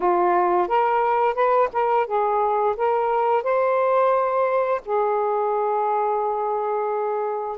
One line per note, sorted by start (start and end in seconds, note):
0.00 0.67 F4
0.67 1.34 A#4
1.34 1.69 B4
1.72 2.06 A#4
2.06 2.75 G#4
2.76 3.43 A#4
3.43 4.81 C5
4.85 7.58 G#4